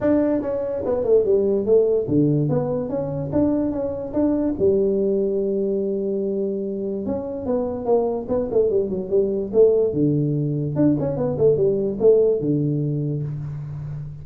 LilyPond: \new Staff \with { instrumentName = "tuba" } { \time 4/4 \tempo 4 = 145 d'4 cis'4 b8 a8 g4 | a4 d4 b4 cis'4 | d'4 cis'4 d'4 g4~ | g1~ |
g4 cis'4 b4 ais4 | b8 a8 g8 fis8 g4 a4 | d2 d'8 cis'8 b8 a8 | g4 a4 d2 | }